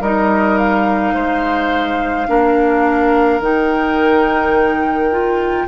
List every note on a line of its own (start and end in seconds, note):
0.00 1.13 G3
0.00 2.28 D#4
0.00 1.14 A#4
0.00 0.58 D#5
0.58 3.41 F5
1.14 2.28 G#3
1.14 2.27 C5
2.28 3.40 A#3
2.28 3.41 D4
2.28 5.67 A#4
3.40 5.66 D#3
3.40 5.11 D#4
3.40 5.67 G5
5.11 5.67 F4